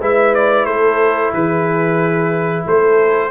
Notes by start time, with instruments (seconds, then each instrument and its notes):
0.00 tuba G#3, trombone E4, horn B4, trumpet E5
0.34 trumpet D5
0.65 tuba A3, horn A4, trumpet C5
1.33 tuba E3, horn G#4, trumpet B4
2.67 tuba A3, horn A4, trumpet C5